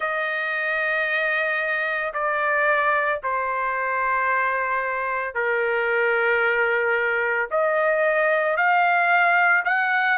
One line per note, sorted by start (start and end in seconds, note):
0.00 2.13 D#5
2.13 3.20 D5
3.23 5.34 C5
5.34 7.48 A#4
7.50 8.56 D#5
8.56 9.63 F5
9.64 10.18 F#5